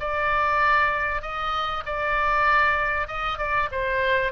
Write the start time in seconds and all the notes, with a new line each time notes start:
0.00 D5
1.22 D#5
1.86 D5
3.08 D#5
3.38 D5
3.72 C5